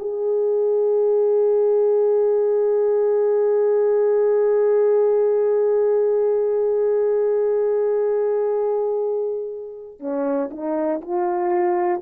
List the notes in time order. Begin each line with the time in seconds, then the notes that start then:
0.00 G#4
10.00 C#4
10.51 D#4
11.01 F4